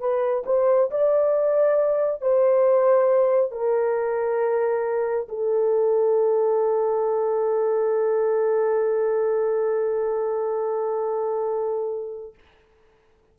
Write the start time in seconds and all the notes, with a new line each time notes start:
0.00 B4
0.47 C5
0.91 D5
2.22 C5
3.52 A#4
5.29 A4